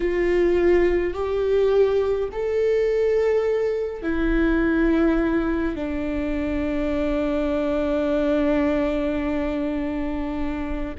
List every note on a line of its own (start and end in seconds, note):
0.00 1.13 F4
1.13 2.29 G4
2.32 4.02 A4
4.02 5.75 E4
5.75 10.95 D4